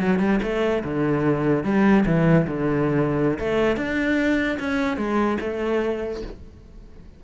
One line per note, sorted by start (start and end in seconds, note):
0.00 0.19 F#3
0.19 0.40 G3
0.43 0.84 A3
0.84 1.64 D3
1.64 2.05 G3
2.06 2.47 E3
2.47 3.39 D3
3.40 3.77 A3
3.77 4.59 D4
4.60 4.98 C#4
4.98 5.38 G#3
5.41 6.22 A3